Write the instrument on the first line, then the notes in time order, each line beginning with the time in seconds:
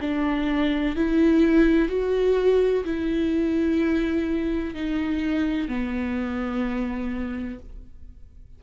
viola
0.00 D4
0.95 E4
1.88 F#4
2.84 E4
4.74 D#4
5.68 B3